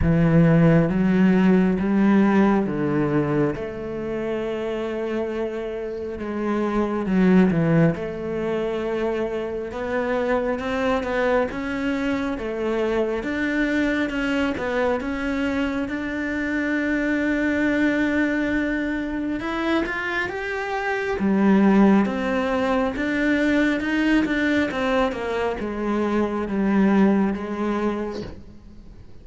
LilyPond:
\new Staff \with { instrumentName = "cello" } { \time 4/4 \tempo 4 = 68 e4 fis4 g4 d4 | a2. gis4 | fis8 e8 a2 b4 | c'8 b8 cis'4 a4 d'4 |
cis'8 b8 cis'4 d'2~ | d'2 e'8 f'8 g'4 | g4 c'4 d'4 dis'8 d'8 | c'8 ais8 gis4 g4 gis4 | }